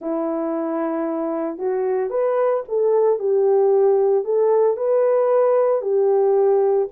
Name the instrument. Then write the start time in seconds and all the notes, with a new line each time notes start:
horn
0.01 E4
1.58 F#4
2.10 B4
2.68 A4
3.19 G4
4.24 A4
4.76 B4
5.81 G4